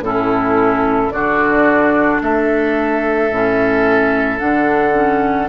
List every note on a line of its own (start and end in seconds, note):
0.00 1.09 A2
0.00 1.12 C#4
0.00 1.13 E4
0.00 1.11 A4
1.11 2.20 D3
1.11 3.30 D4
1.11 2.22 F#4
1.11 2.20 D5
2.21 3.30 A3
2.21 5.49 A4
2.21 4.39 E5
3.30 4.39 A2
3.30 4.39 C#4
4.39 5.49 D3
4.39 4.93 D4
4.39 5.48 F#5
4.93 5.47 C#4